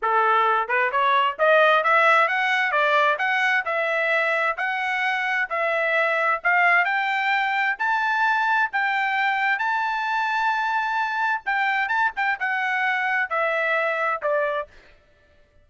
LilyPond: \new Staff \with { instrumentName = "trumpet" } { \time 4/4 \tempo 4 = 131 a'4. b'8 cis''4 dis''4 | e''4 fis''4 d''4 fis''4 | e''2 fis''2 | e''2 f''4 g''4~ |
g''4 a''2 g''4~ | g''4 a''2.~ | a''4 g''4 a''8 g''8 fis''4~ | fis''4 e''2 d''4 | }